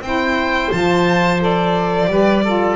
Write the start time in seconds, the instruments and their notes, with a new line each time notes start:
0.00 double bass C4, saxophone E4, oboe C5, violin G5
0.71 double bass F3, saxophone F4, violin A5
1.39 saxophone A4, violin D5
2.06 double bass G3, saxophone G4, oboe B4
2.44 saxophone F4, oboe A4